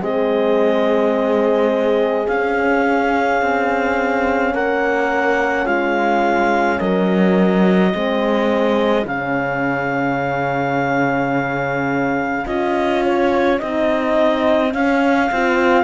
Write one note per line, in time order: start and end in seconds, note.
0.00 2.27 G#3
0.00 2.26 C4
0.00 4.53 G#4
0.00 2.28 D#5
2.28 3.41 C#4
2.28 7.93 C#4
2.28 4.54 F5
3.41 4.54 C4
4.53 5.66 A#3
4.53 5.65 A#4
4.53 5.66 F#5
5.65 6.79 G#3
5.65 6.79 F4
5.65 6.79 F5
6.79 7.94 F#3
6.79 7.93 A#4
6.79 9.05 D#5
7.93 9.05 G#3
7.93 9.06 C4
7.93 15.84 G#4
9.05 12.44 C#3
9.05 12.45 C#4
9.05 12.46 F5
12.45 13.60 C#4
12.45 13.58 F4
12.45 13.03 D#5
13.05 13.59 C#5
13.59 14.74 C4
13.59 14.70 D#4
13.59 14.72 D#5
14.70 15.26 C#4
14.70 15.30 C#4
14.70 15.84 F5
15.31 15.84 C4
15.31 15.84 F4